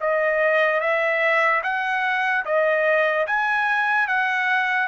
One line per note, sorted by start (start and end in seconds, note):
0.00 0.80 D#5
0.80 1.61 E5
1.63 2.44 F#5
2.45 3.26 D#5
3.27 4.07 G#5
4.07 4.87 F#5